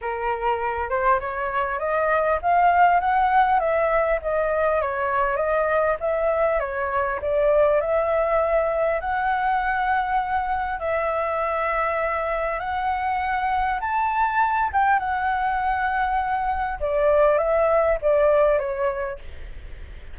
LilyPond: \new Staff \with { instrumentName = "flute" } { \time 4/4 \tempo 4 = 100 ais'4. c''8 cis''4 dis''4 | f''4 fis''4 e''4 dis''4 | cis''4 dis''4 e''4 cis''4 | d''4 e''2 fis''4~ |
fis''2 e''2~ | e''4 fis''2 a''4~ | a''8 g''8 fis''2. | d''4 e''4 d''4 cis''4 | }